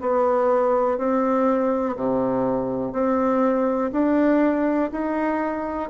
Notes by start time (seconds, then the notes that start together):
0.00 B3
0.97 C4
1.96 C3
2.92 C4
3.92 D4
4.91 D#4